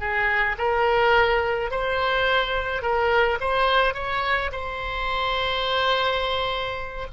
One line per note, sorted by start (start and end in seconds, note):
0.00 0.57 G#4
0.58 1.71 A#4
1.71 2.82 C5
2.82 3.39 A#4
3.41 3.94 C5
3.94 4.51 C#5
4.52 7.07 C5